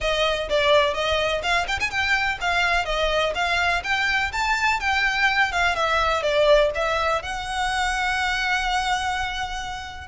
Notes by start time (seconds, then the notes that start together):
0.00 D#5
0.49 D5
0.94 D#5
1.42 F5
1.67 G5
1.80 G#5
1.90 G5
2.40 F5
2.85 D#5
3.34 F5
3.83 G5
4.32 A5
4.80 G5
5.52 F5
5.75 E5
6.22 D5
6.74 E5
7.22 F#5